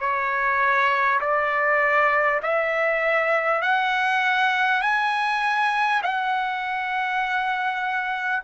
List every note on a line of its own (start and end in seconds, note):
0.00 1.20 C#5
1.21 2.41 D5
2.43 3.62 E5
3.62 4.82 F#5
4.82 6.02 G#5
6.03 8.43 F#5